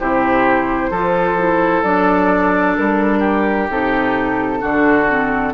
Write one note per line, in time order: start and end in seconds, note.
0.00 0.91 C3
0.00 0.92 E4
0.00 0.91 G4
0.00 1.83 C5
0.91 1.83 F3
0.91 1.39 F4
0.91 3.20 A4
1.39 1.84 E4
1.83 2.76 F#3
1.83 3.69 D4
1.83 2.76 D5
2.76 3.69 G3
2.76 3.69 A#4
3.20 4.58 G4
3.69 4.62 C3
3.69 4.60 D#4
3.69 5.54 A4
4.60 5.54 D3
4.60 5.06 D4
4.60 5.53 F#4
5.09 5.54 C4